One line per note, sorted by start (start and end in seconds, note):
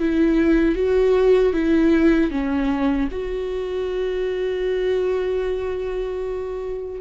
0.00 0.76 E4
0.76 1.54 F#4
1.54 2.31 E4
2.31 3.09 C#4
3.12 7.01 F#4